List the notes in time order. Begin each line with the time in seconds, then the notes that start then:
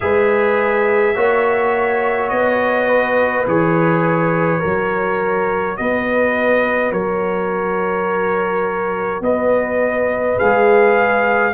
0.00 G#3 G#4 B4 E5
1.15 A#3 F#4 C#5
2.29 B3 D#5
2.88 B4
3.47 E3 G#4 C#5
4.59 F#3 F#4 A#4
5.76 B3 B4 D#5
6.91 F#3 A#4 C#5
9.20 B3 B4 D#5
10.37 G#3 G#4 F5